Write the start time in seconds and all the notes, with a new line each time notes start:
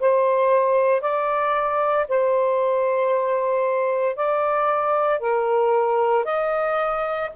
0.00 C5
1.01 D5
2.09 C5
4.16 D5
5.20 A#4
6.25 D#5